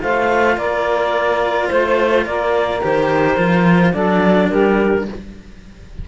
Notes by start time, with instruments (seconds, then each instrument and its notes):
0.00 cello A3 F4, saxophone C5, clarinet F5
0.56 cello A#3, saxophone A#4, clarinet D5
1.68 cello A3, clarinet C5, saxophone C5
2.25 cello A#3, saxophone A#4, clarinet D5
2.80 cello D#3 G4, clarinet C5
3.37 cello F3 F4
3.92 cello F#3 D4, saxophone A4, clarinet D5
4.49 cello G3, saxophone G4, clarinet A#4